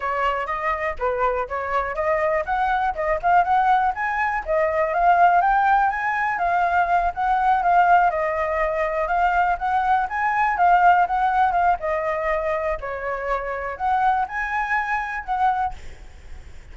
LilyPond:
\new Staff \with { instrumentName = "flute" } { \time 4/4 \tempo 4 = 122 cis''4 dis''4 b'4 cis''4 | dis''4 fis''4 dis''8 f''8 fis''4 | gis''4 dis''4 f''4 g''4 | gis''4 f''4. fis''4 f''8~ |
f''8 dis''2 f''4 fis''8~ | fis''8 gis''4 f''4 fis''4 f''8 | dis''2 cis''2 | fis''4 gis''2 fis''4 | }